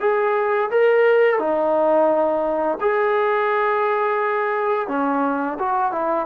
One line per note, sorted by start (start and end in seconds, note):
0.00 0.70 G#4
0.71 1.39 A#4
1.39 2.78 D#4
2.81 4.88 G#4
4.88 5.58 C#4
5.59 5.92 F#4
5.92 6.26 E4